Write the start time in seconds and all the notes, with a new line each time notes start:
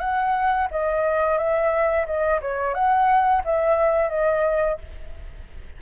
0.00 F#5
0.71 D#5
1.38 E5
2.06 D#5
2.42 C#5
2.74 F#5
3.45 E5
4.10 D#5